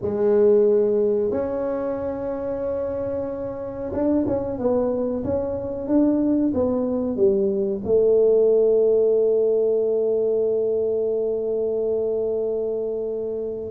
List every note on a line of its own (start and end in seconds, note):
0.01 1.31 G#3
1.31 3.92 C#4
3.92 4.25 D4
4.26 4.58 C#4
4.58 5.23 B3
5.24 5.87 C#4
5.87 6.52 D4
6.54 7.16 B3
7.16 7.81 G3
7.84 13.70 A3